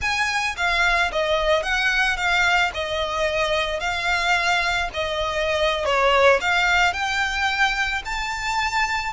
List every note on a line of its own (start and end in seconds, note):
0.01 0.55 G#5
0.56 1.11 F5
1.12 1.62 D#5
1.62 2.16 F#5
2.16 2.71 F5
2.73 3.80 D#5
3.80 4.89 F5
4.93 5.85 D#5
5.85 6.39 C#5
6.40 6.93 F5
6.93 8.02 G5
8.05 9.13 A5